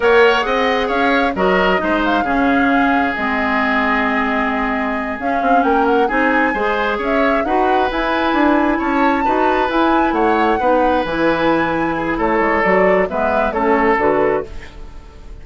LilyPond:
<<
  \new Staff \with { instrumentName = "flute" } { \time 4/4 \tempo 4 = 133 fis''2 f''4 dis''4~ | dis''8 f''2~ f''8 dis''4~ | dis''2.~ dis''8 f''8~ | f''8 g''8 fis''8 gis''2 e''8~ |
e''8 fis''4 gis''2 a''8~ | a''4. gis''4 fis''4.~ | fis''8 gis''2~ gis''8 cis''4 | d''4 e''4 cis''4 b'4 | }
  \new Staff \with { instrumentName = "oboe" } { \time 4/4 cis''4 dis''4 cis''4 ais'4 | c''4 gis'2.~ | gis'1~ | gis'8 ais'4 gis'4 c''4 cis''8~ |
cis''8 b'2. cis''8~ | cis''8 b'2 cis''4 b'8~ | b'2~ b'8 gis'8 a'4~ | a'4 b'4 a'2 | }
  \new Staff \with { instrumentName = "clarinet" } { \time 4/4 ais'4 gis'2 fis'4 | dis'4 cis'2 c'4~ | c'2.~ c'8 cis'8~ | cis'4. dis'4 gis'4.~ |
gis'8 fis'4 e'2~ e'8~ | e'8 fis'4 e'2 dis'8~ | dis'8 e'2.~ e'8 | fis'4 b4 cis'4 fis'4 | }
  \new Staff \with { instrumentName = "bassoon" } { \time 4/4 ais4 c'4 cis'4 fis4 | gis4 cis2 gis4~ | gis2.~ gis8 cis'8 | c'8 ais4 c'4 gis4 cis'8~ |
cis'8 dis'4 e'4 d'4 cis'8~ | cis'8 dis'4 e'4 a4 b8~ | b8 e2~ e8 a8 gis8 | fis4 gis4 a4 d4 | }
>>